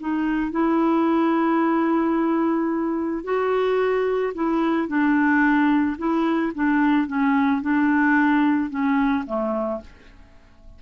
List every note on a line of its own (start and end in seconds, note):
0.00 0.52 D#4
0.52 3.24 E4
3.24 4.33 F#4
4.35 4.88 E4
4.88 5.97 D4
5.98 6.53 E4
6.55 7.07 D4
7.07 7.62 C#4
7.62 8.70 D4
8.70 9.25 C#4
9.27 9.81 A3